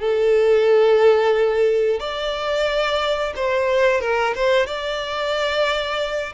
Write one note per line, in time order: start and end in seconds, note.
0.00 2.00 A4
2.00 3.34 D5
3.36 4.01 C5
4.01 4.35 A#4
4.35 4.67 C5
4.67 6.33 D5